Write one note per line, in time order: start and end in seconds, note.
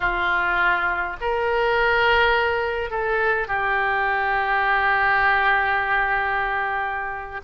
0.00 1.17 F4
1.20 2.90 A#4
2.90 3.47 A4
3.47 7.41 G4